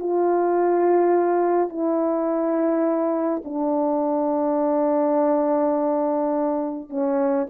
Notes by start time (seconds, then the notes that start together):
0.00 F4
1.70 E4
3.45 D4
6.90 C#4